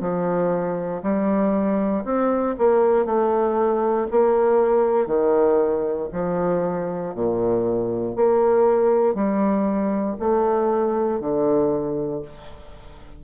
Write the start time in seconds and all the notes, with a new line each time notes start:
0.00 F3
1.02 G3
2.04 C4
2.57 A#3
3.05 A3
4.10 A#3
5.06 D#3
6.12 F3
7.14 A#2
8.15 A#3
9.14 G3
10.19 A3
11.20 D3